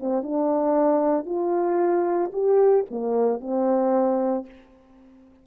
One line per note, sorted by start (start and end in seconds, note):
0.00 0.23 C4
0.23 1.26 D4
1.26 2.31 F4
2.33 2.86 G4
2.90 3.41 A#3
3.41 4.46 C4